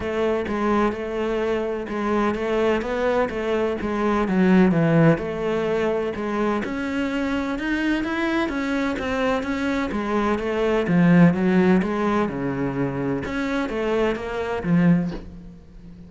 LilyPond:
\new Staff \with { instrumentName = "cello" } { \time 4/4 \tempo 4 = 127 a4 gis4 a2 | gis4 a4 b4 a4 | gis4 fis4 e4 a4~ | a4 gis4 cis'2 |
dis'4 e'4 cis'4 c'4 | cis'4 gis4 a4 f4 | fis4 gis4 cis2 | cis'4 a4 ais4 f4 | }